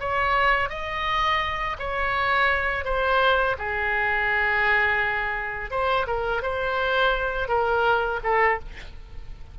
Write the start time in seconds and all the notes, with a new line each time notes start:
0.00 C#5
0.70 D#5
1.79 C#5
2.85 C5
3.58 G#4
5.71 C5
6.07 A#4
6.43 C5
7.49 A#4
8.24 A4